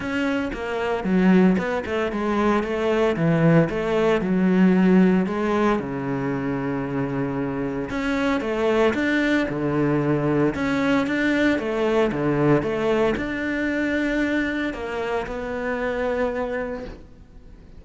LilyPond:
\new Staff \with { instrumentName = "cello" } { \time 4/4 \tempo 4 = 114 cis'4 ais4 fis4 b8 a8 | gis4 a4 e4 a4 | fis2 gis4 cis4~ | cis2. cis'4 |
a4 d'4 d2 | cis'4 d'4 a4 d4 | a4 d'2. | ais4 b2. | }